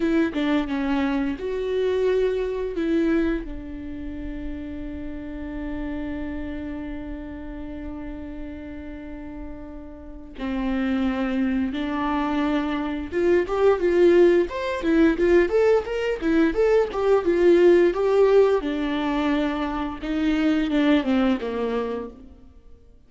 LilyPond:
\new Staff \with { instrumentName = "viola" } { \time 4/4 \tempo 4 = 87 e'8 d'8 cis'4 fis'2 | e'4 d'2.~ | d'1~ | d'2. c'4~ |
c'4 d'2 f'8 g'8 | f'4 c''8 e'8 f'8 a'8 ais'8 e'8 | a'8 g'8 f'4 g'4 d'4~ | d'4 dis'4 d'8 c'8 ais4 | }